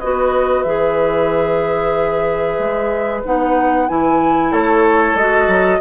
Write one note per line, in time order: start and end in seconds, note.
0.00 0.65 B3
0.00 0.66 F#4
0.00 4.52 B4
0.00 0.64 D#5
0.64 2.59 E3
0.64 3.24 G#4
0.64 3.22 E5
2.59 3.23 G#3
3.25 3.90 B3
3.25 3.89 D#4
3.25 3.89 F#5
3.89 4.52 E3
3.89 5.18 E4
3.89 4.53 G#5
4.52 5.15 A3
4.52 5.81 A4
4.52 5.17 C#5
5.15 5.47 G#3
5.15 5.81 F#4
5.15 5.81 D#5
5.48 5.81 F#3